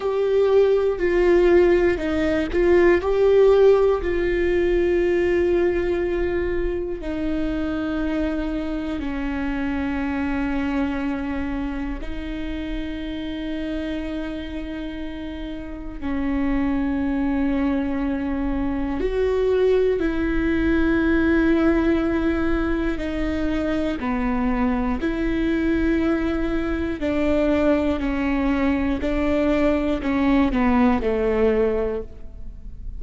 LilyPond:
\new Staff \with { instrumentName = "viola" } { \time 4/4 \tempo 4 = 60 g'4 f'4 dis'8 f'8 g'4 | f'2. dis'4~ | dis'4 cis'2. | dis'1 |
cis'2. fis'4 | e'2. dis'4 | b4 e'2 d'4 | cis'4 d'4 cis'8 b8 a4 | }